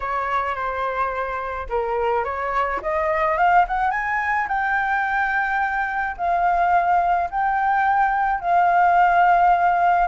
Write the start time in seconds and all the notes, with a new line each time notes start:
0.00 C#5
0.55 C5
1.69 A#4
2.24 C#5
2.82 D#5
3.37 F5
3.67 F#5
3.90 G#5
4.48 G5
6.17 F5
7.30 G5
8.40 F5